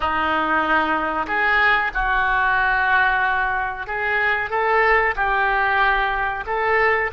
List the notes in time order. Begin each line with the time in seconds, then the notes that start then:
0.00 D#4
1.27 G#4
1.94 F#4
3.86 G#4
4.50 A4
5.15 G4
6.46 A4